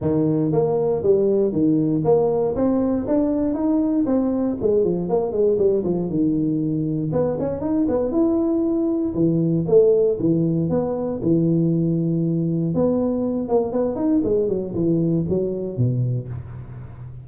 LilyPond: \new Staff \with { instrumentName = "tuba" } { \time 4/4 \tempo 4 = 118 dis4 ais4 g4 dis4 | ais4 c'4 d'4 dis'4 | c'4 gis8 f8 ais8 gis8 g8 f8 | dis2 b8 cis'8 dis'8 b8 |
e'2 e4 a4 | e4 b4 e2~ | e4 b4. ais8 b8 dis'8 | gis8 fis8 e4 fis4 b,4 | }